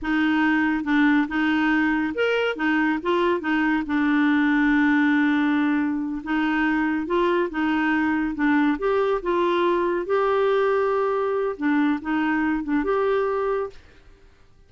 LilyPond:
\new Staff \with { instrumentName = "clarinet" } { \time 4/4 \tempo 4 = 140 dis'2 d'4 dis'4~ | dis'4 ais'4 dis'4 f'4 | dis'4 d'2.~ | d'2~ d'8 dis'4.~ |
dis'8 f'4 dis'2 d'8~ | d'8 g'4 f'2 g'8~ | g'2. d'4 | dis'4. d'8 g'2 | }